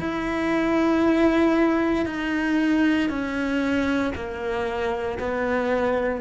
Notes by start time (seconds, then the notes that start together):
0.00 E4
2.06 D#4
3.09 C#4
4.15 A#3
5.19 B3